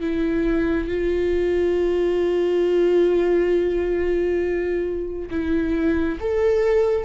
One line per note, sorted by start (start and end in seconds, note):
0.00 0.87 E4
0.87 5.29 F4
5.30 6.18 E4
6.20 7.04 A4